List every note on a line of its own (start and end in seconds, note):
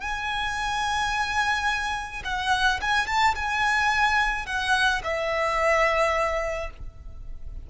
0.00 2.22 G#5
2.24 2.80 F#5
2.81 3.07 G#5
3.07 3.34 A5
3.35 4.45 G#5
4.45 5.01 F#5
5.03 6.70 E5